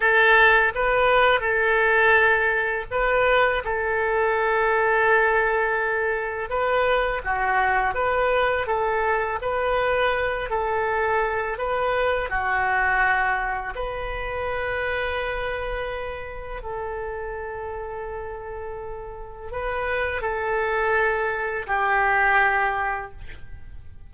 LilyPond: \new Staff \with { instrumentName = "oboe" } { \time 4/4 \tempo 4 = 83 a'4 b'4 a'2 | b'4 a'2.~ | a'4 b'4 fis'4 b'4 | a'4 b'4. a'4. |
b'4 fis'2 b'4~ | b'2. a'4~ | a'2. b'4 | a'2 g'2 | }